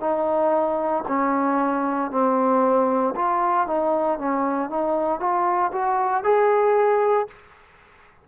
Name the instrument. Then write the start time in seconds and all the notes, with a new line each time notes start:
trombone
0.00 D#4
1.07 C#4
2.11 C4
3.15 F4
3.67 D#4
4.18 C#4
4.69 D#4
5.20 F4
5.72 F#4
6.24 G#4